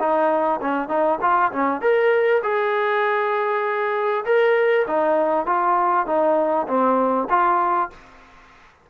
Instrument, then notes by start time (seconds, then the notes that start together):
trombone
0.00 D#4
0.62 C#4
0.89 D#4
1.21 F4
1.53 C#4
1.82 A#4
2.43 G#4
4.26 A#4
4.88 D#4
5.46 F4
6.07 D#4
6.68 C4
7.30 F4